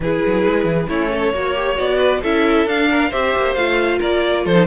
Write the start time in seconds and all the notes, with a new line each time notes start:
0.00 E3 E4 G#4 B4
0.25 F#3
0.46 G#3
0.64 E3
0.88 A3 C#4 E4 C#5
1.11 A4
1.33 A#3 F#4 C#5
1.55 G4
1.75 B3 F#4 D5
1.98 B4
2.22 C#4 E4 A4 E5
2.65 D4 F5
2.90 A#4
3.09 C4 G4 C5 E5
3.35 A#3
3.54 A3 F4 F5
3.98 A#3 A#4 D5
4.45 F3 A4 C5
4.54 D#4